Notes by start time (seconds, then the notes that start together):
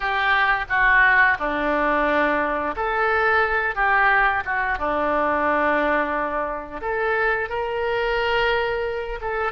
0.00 G4
0.69 F#4
1.39 D4
2.76 A4
3.75 G4
4.45 F#4
4.78 D4
6.81 A4
7.49 A#4
9.21 A4